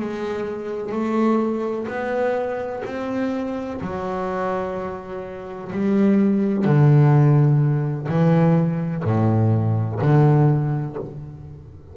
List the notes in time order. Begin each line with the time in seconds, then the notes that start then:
0.00 G#3
0.92 A3
1.87 B3
2.85 C4
3.81 F#3
5.72 G3
6.65 D3
8.08 E3
9.04 A2
10.01 D3